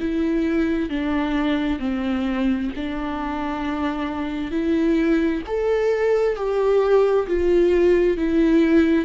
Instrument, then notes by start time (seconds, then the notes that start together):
viola
0.00 E4
0.90 D4
1.79 C4
2.76 D4
4.51 E4
5.47 A4
6.36 G4
7.27 F4
8.17 E4